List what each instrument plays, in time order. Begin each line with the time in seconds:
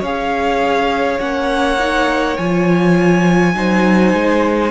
0.00 cello C#4, viola G#4, violin C#5 F5
1.19 cello A#3, viola C#4, violin F#5
1.79 viola D#4
2.37 cello F3, viola F4, violin G#5
3.55 cello F#3, viola D#4, violin C5
4.13 cello G#3